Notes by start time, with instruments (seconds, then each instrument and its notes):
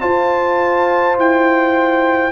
0.00 trombone F4, tuba F4, horn C5, trumpet A5
1.18 tuba E4, trumpet G5